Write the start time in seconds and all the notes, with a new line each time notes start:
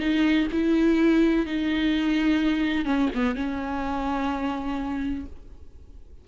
0.00 D#4
0.52 E4
1.46 D#4
2.86 C#4
3.15 B3
3.35 C#4